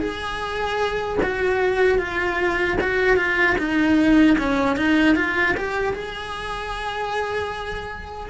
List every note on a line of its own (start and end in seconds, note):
0.00 1.18 G#4
1.22 1.98 F#4
1.98 2.77 F4
2.81 3.17 F#4
3.17 3.56 F4
3.58 4.37 D#4
4.38 4.77 C#4
4.77 5.15 D#4
5.15 5.55 F4
5.57 5.93 G4
5.93 8.30 G#4